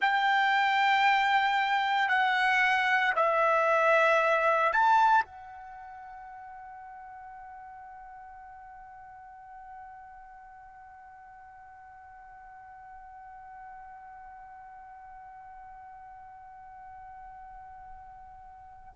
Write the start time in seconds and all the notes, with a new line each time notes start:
0.00 G5
2.08 F#5
3.15 E5
4.72 A5
5.24 F#5